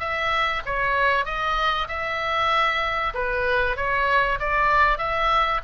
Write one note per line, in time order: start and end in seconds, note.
0.00 0.62 E5
0.66 1.26 C#5
1.26 1.88 D#5
1.89 3.14 E5
3.14 3.77 B4
3.77 4.39 C#5
4.40 4.99 D5
4.99 5.61 E5